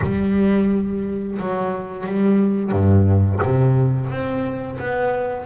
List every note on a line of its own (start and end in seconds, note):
0.02 1.38 G3
1.39 2.06 F#3
2.06 2.71 G3
2.71 3.39 G2
3.42 4.09 C3
4.09 4.78 C4
4.79 5.45 B3